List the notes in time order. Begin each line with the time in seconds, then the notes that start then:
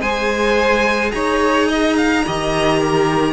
0.00 G#3 G#4 C5 G#5
1.11 D#4 C#5 A#5
1.68 D#5
1.97 F5
2.26 D#3 G4 D#5
2.79 A#4